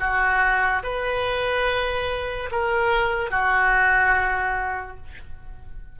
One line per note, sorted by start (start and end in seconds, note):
0.00 0.83 F#4
0.83 2.50 B4
2.52 3.31 A#4
3.31 4.98 F#4